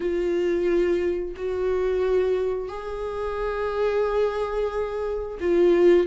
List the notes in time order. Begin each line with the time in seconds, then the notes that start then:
0.00 F4
1.36 F#4
2.68 G#4
5.40 F4